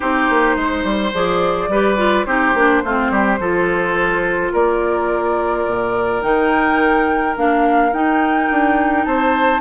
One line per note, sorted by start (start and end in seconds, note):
0.00 0.29 C4
0.00 1.11 D#4
0.00 0.56 G4
0.00 1.13 C5
0.29 0.56 A#3
0.56 0.83 G#3
0.56 1.69 C5
0.83 1.12 G3
1.13 1.68 F3
1.13 1.70 G#4
1.13 2.25 D5
1.68 2.25 G3
1.68 1.97 G4
1.68 2.26 B4
1.97 2.25 F4
2.25 2.54 C4
2.25 2.55 D#4
2.25 2.83 G4
2.25 4.51 C5
2.54 2.82 A#3
2.54 2.84 D4
2.83 3.10 A3
2.83 3.40 C4
2.83 3.11 F4
3.10 3.38 G3
3.10 3.39 G4
3.39 4.52 F3
3.39 6.21 F4
3.39 4.53 A4
4.53 5.66 A#3
4.53 9.05 A#4
4.53 6.22 D5
5.66 6.22 A#2
6.21 7.36 D#3
6.21 7.35 D#4
6.21 7.35 G5
7.35 7.92 A#3
7.35 7.92 D4
7.35 7.92 F5
7.92 8.48 D#4
7.92 9.61 D#4
7.92 9.04 G5
8.50 9.06 D4
9.04 9.61 C4
9.04 9.61 C5
9.04 9.61 A5